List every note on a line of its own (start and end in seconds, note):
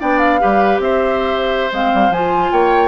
0.00 0.42 B3
0.00 0.40 D4
0.00 0.40 D5
0.00 0.19 G5
0.19 0.79 F5
0.40 0.79 G3
0.40 1.71 G4
0.40 0.82 B4
0.79 1.70 C4
0.79 2.52 C5
0.79 1.72 E5
1.72 1.92 G#3
1.72 2.14 C4
1.72 2.13 F5
1.94 2.10 G3
2.10 2.50 F3
2.10 2.89 F4
2.10 2.53 G#5
2.52 2.89 A#3
2.52 2.89 C#5
2.52 2.89 G5